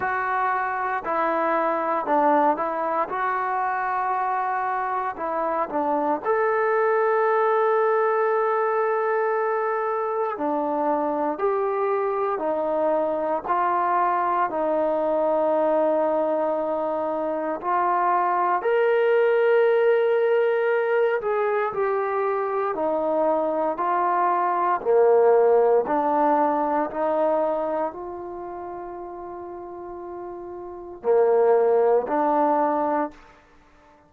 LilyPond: \new Staff \with { instrumentName = "trombone" } { \time 4/4 \tempo 4 = 58 fis'4 e'4 d'8 e'8 fis'4~ | fis'4 e'8 d'8 a'2~ | a'2 d'4 g'4 | dis'4 f'4 dis'2~ |
dis'4 f'4 ais'2~ | ais'8 gis'8 g'4 dis'4 f'4 | ais4 d'4 dis'4 f'4~ | f'2 ais4 d'4 | }